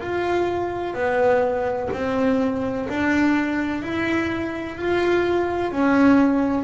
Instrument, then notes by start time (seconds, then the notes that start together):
double bass
0.00 F4
0.94 B3
1.92 C4
2.88 D4
3.82 E4
4.76 F4
5.71 C#4